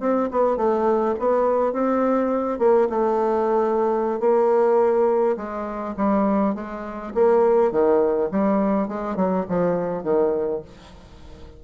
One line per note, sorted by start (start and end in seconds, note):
0.00 0.29 C4
0.31 0.56 B3
0.56 1.15 A3
1.19 1.73 B3
1.73 2.58 C4
2.58 2.88 A#3
2.89 4.20 A3
4.20 5.36 A#3
5.36 5.95 G#3
5.97 6.55 G3
6.55 7.13 G#3
7.14 7.71 A#3
7.71 8.30 D#3
8.31 8.88 G3
8.88 9.16 G#3
9.16 9.45 F#3
9.49 10.03 F3
10.03 10.61 D#3